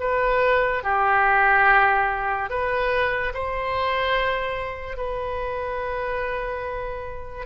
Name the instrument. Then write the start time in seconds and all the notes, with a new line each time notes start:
oboe
0.00 B4
0.84 G4
2.50 B4
3.34 C5
4.97 B4